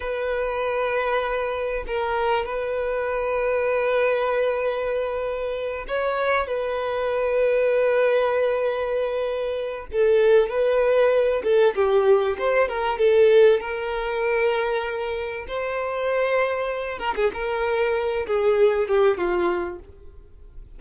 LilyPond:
\new Staff \with { instrumentName = "violin" } { \time 4/4 \tempo 4 = 97 b'2. ais'4 | b'1~ | b'4. cis''4 b'4.~ | b'1 |
a'4 b'4. a'8 g'4 | c''8 ais'8 a'4 ais'2~ | ais'4 c''2~ c''8 ais'16 gis'16 | ais'4. gis'4 g'8 f'4 | }